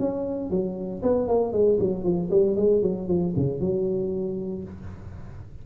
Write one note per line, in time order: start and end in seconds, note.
0.00 0.51 C#4
0.51 1.03 F#3
1.03 1.28 B3
1.28 1.53 A#3
1.53 1.79 G#3
1.80 2.04 F#3
2.04 2.30 F3
2.31 2.57 G3
2.57 2.83 G#3
2.83 3.08 F#3
3.08 3.34 F3
3.37 3.61 C#3
3.61 4.64 F#3